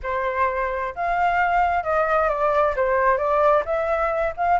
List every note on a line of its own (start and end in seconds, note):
0.02 0.94 C5
0.95 1.83 F5
1.83 2.28 D#5
2.28 2.74 D5
2.76 3.17 C5
3.17 3.63 D5
3.65 4.33 E5
4.36 4.59 F5